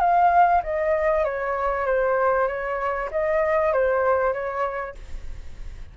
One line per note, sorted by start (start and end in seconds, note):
0.00 0.62 F5
0.63 1.25 D#5
1.25 1.86 C#5
1.86 2.47 C5
2.47 3.09 C#5
3.11 3.73 D#5
3.73 4.33 C5
4.33 4.95 C#5